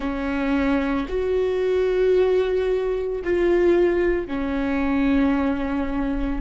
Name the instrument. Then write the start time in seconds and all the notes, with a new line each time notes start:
viola
0.00 C#4
1.08 F#4
3.23 F4
4.27 C#4